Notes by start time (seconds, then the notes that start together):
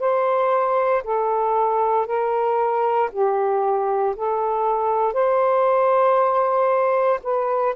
0.00 C5
1.04 A4
2.07 A#4
3.12 G4
4.17 A4
5.13 C5
7.24 B4